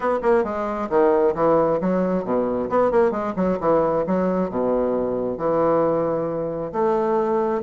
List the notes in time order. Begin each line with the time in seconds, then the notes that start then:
0.00 B3
0.22 A#3
0.44 G#3
0.89 D#3
1.34 E3
1.80 F#3
2.24 B2
2.69 B3
2.91 A#3
3.11 G#3
3.35 F#3
3.60 E3
4.06 F#3
4.50 B2
5.37 E3
6.72 A3